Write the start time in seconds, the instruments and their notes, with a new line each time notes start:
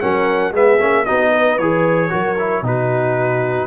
0.00 tuba F#3, trombone C#4, horn A#4, trumpet F#5
0.52 tuba G#3, trombone B3, horn G#4, trumpet E5
0.79 tuba A#3, trombone C#4
1.05 tuba B3, trombone D#4, horn F#4, trumpet D#5
1.32 horn B4
1.58 tuba E3, trombone G#4, trumpet C#5
2.10 tuba F#3, trombone F#4, horn A#4
2.39 trombone E4
2.62 tuba B2, trombone D#4, horn F#4, trumpet B4